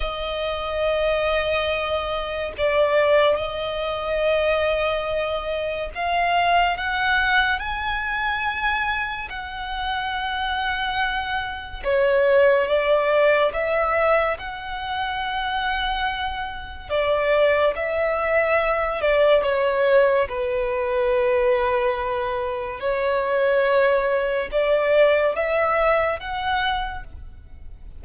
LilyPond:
\new Staff \with { instrumentName = "violin" } { \time 4/4 \tempo 4 = 71 dis''2. d''4 | dis''2. f''4 | fis''4 gis''2 fis''4~ | fis''2 cis''4 d''4 |
e''4 fis''2. | d''4 e''4. d''8 cis''4 | b'2. cis''4~ | cis''4 d''4 e''4 fis''4 | }